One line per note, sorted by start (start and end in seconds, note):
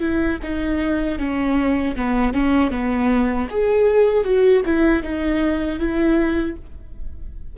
0.00 0.38 E4
0.43 1.19 D#4
1.19 1.96 C#4
1.96 2.34 B3
2.34 2.71 C#4
2.71 3.48 B3
3.51 4.25 G#4
4.25 4.63 F#4
4.66 5.03 E4
5.03 5.80 D#4
5.80 6.57 E4